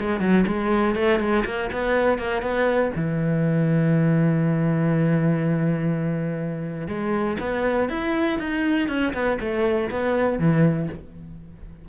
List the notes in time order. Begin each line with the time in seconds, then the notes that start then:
0.00 G#3
0.20 F#3
0.47 G#3
0.95 A3
1.19 G#3
1.45 A#3
1.72 B3
2.18 A#3
2.42 B3
2.95 E3
6.88 G#3
7.40 B3
7.89 E4
8.39 D#4
8.88 C#4
9.14 B3
9.41 A3
9.90 B3
10.39 E3